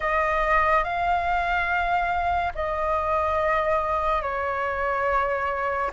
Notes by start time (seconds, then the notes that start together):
0.00 D#5
0.83 F5
2.54 D#5
4.21 C#5